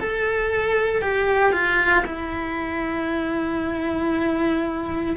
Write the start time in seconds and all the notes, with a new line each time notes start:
0.00 A4
1.02 G4
1.53 F4
2.06 E4